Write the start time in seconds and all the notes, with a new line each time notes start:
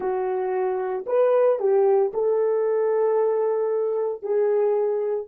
0.00 F#4
1.06 B4
1.59 G4
2.13 A4
4.22 G#4